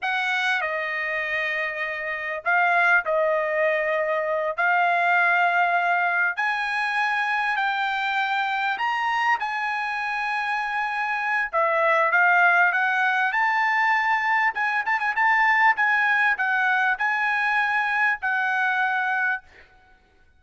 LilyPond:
\new Staff \with { instrumentName = "trumpet" } { \time 4/4 \tempo 4 = 99 fis''4 dis''2. | f''4 dis''2~ dis''8 f''8~ | f''2~ f''8 gis''4.~ | gis''8 g''2 ais''4 gis''8~ |
gis''2. e''4 | f''4 fis''4 a''2 | gis''8 a''16 gis''16 a''4 gis''4 fis''4 | gis''2 fis''2 | }